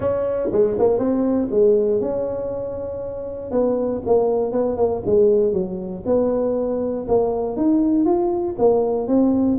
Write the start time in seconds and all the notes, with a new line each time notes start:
0.00 C#4
0.52 G#3
0.79 A#3
0.98 C4
1.50 G#3
2.01 C#4
3.51 B3
4.05 A#3
4.51 B3
4.76 A#3
5.05 G#3
5.52 F#3
6.05 B3
7.08 A#3
7.56 D#4
8.05 F4
8.58 A#3
9.07 C4